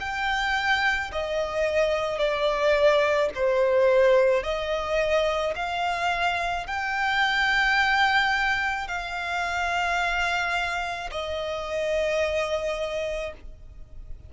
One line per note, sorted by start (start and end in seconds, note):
0.00 1.11 G5
1.12 2.18 D#5
2.18 3.29 D5
3.35 4.43 C5
4.43 5.54 D#5
5.56 6.67 F5
6.67 8.87 G5
8.87 11.10 F5
11.11 13.33 D#5